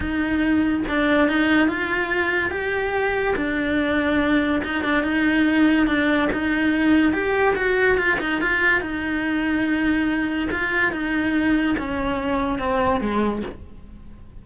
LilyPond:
\new Staff \with { instrumentName = "cello" } { \time 4/4 \tempo 4 = 143 dis'2 d'4 dis'4 | f'2 g'2 | d'2. dis'8 d'8 | dis'2 d'4 dis'4~ |
dis'4 g'4 fis'4 f'8 dis'8 | f'4 dis'2.~ | dis'4 f'4 dis'2 | cis'2 c'4 gis4 | }